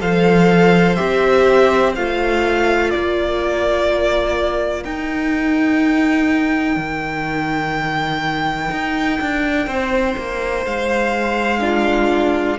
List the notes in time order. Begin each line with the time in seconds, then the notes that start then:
0.00 F3 A4 C5 F5
0.96 C4 G4 E5
1.95 A3 F4 F5
2.90 A#3 A#4 D5
4.84 D#4 G5
6.76 D#3
8.71 D#4
9.21 D4
9.67 C4 C5
10.17 A#3
10.65 G#3 F5
11.60 D4 F4